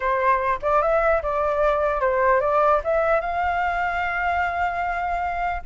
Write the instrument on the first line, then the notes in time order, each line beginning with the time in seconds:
flute
0.00 C5
0.62 D5
0.81 E5
1.22 D5
2.00 C5
2.40 D5
2.84 E5
3.20 F5